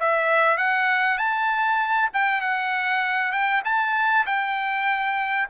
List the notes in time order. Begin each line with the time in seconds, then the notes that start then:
0.00 E5
0.58 F#5
1.18 A5
2.13 G5
2.41 F#5
3.32 G5
3.65 A5
4.26 G5